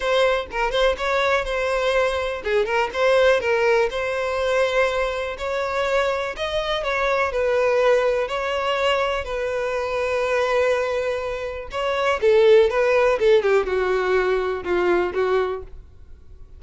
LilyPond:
\new Staff \with { instrumentName = "violin" } { \time 4/4 \tempo 4 = 123 c''4 ais'8 c''8 cis''4 c''4~ | c''4 gis'8 ais'8 c''4 ais'4 | c''2. cis''4~ | cis''4 dis''4 cis''4 b'4~ |
b'4 cis''2 b'4~ | b'1 | cis''4 a'4 b'4 a'8 g'8 | fis'2 f'4 fis'4 | }